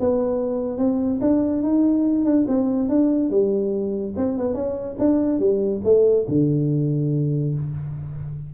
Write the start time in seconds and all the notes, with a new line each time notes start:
0.00 B3
0.78 C4
1.21 D4
1.63 D#4
2.25 D4
2.48 C4
2.90 D4
3.31 G3
4.17 C4
4.38 B3
4.55 C#4
4.99 D4
5.40 G3
5.85 A3
6.29 D3